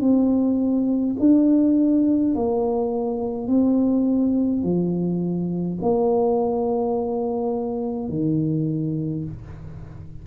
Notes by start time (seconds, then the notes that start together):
0.00 C4
1.19 D4
2.35 A#3
3.48 C4
4.63 F3
5.82 A#3
8.09 D#3